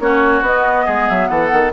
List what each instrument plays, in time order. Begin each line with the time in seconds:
0.00 bassoon A#3, clarinet C#4, oboe F#4, flute C#5
0.42 bassoon B3, clarinet B3, flute D#5
0.86 bassoon G#3, oboe G#4
1.10 bassoon F#3, flute E5
1.28 bassoon E3, oboe A4, flute F#5
1.52 bassoon D#3